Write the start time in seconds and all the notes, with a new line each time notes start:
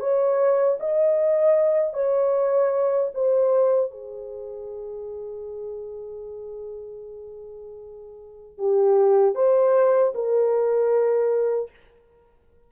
0.00 C#5
0.80 D#5
1.93 C#5
3.14 C5
3.91 G#4
8.58 G4
9.35 C5
10.14 A#4